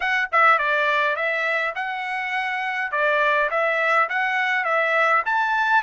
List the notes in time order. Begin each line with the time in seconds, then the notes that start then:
0.00 F#5
0.32 E5
0.58 D5
1.15 E5
1.75 F#5
2.91 D5
3.50 E5
4.09 F#5
4.64 E5
5.25 A5